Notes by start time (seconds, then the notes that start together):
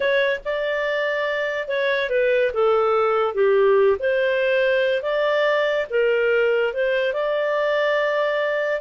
0.00 C#5
0.44 D5
1.68 C#5
2.09 B4
2.53 A4
3.34 G4
3.99 C5
5.02 D5
5.90 A#4
6.73 C5
7.13 D5